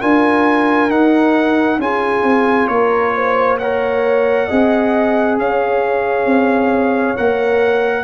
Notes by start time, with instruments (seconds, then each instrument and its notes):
0.00 tuba D4, trombone F4, horn A#4, trumpet G#5
0.90 tuba D#4, trombone D#4, trumpet F#5
1.78 tuba C#4, trombone F4, horn G#4, trumpet G#5
2.23 tuba C4
2.67 tuba A#3, horn A#4, trumpet C#5
3.15 horn C5
3.59 trombone A#4, horn C#5, trumpet F#5
4.47 tuba C4, trombone G#4, horn D#5
5.38 tuba C#4, horn C#5, trumpet F5
6.25 tuba C4
7.16 tuba A#3, trombone A#4, trumpet F#5